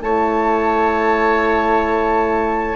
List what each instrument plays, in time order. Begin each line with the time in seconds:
0.00 bassoon A3, horn E4, oboe C#5, flute A5